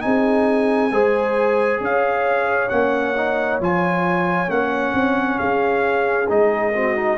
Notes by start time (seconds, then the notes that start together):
0.00 C4 D#4 G#4 G#5
0.92 G#3 G#4 C5
1.80 C#4 C#5 F5
2.69 A#3 C#4 F#5
3.16 D#4
3.60 F3 F4 G#5
4.47 A#3 C#4 F#5
4.94 C4
5.39 C#4 G#4 F5
6.28 G#3 D#4 D#5
6.74 C4 F#4
6.96 D#4